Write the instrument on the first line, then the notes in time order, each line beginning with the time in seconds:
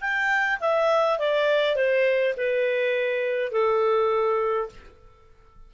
clarinet
0.00 G5
0.60 E5
1.18 D5
1.75 C5
2.36 B4
3.51 A4